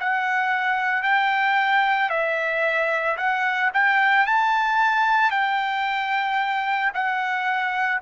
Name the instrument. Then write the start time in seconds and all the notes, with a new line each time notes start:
trumpet
0.00 F#5
1.03 G5
2.10 E5
3.18 F#5
3.74 G5
4.27 A5
5.31 G5
6.94 F#5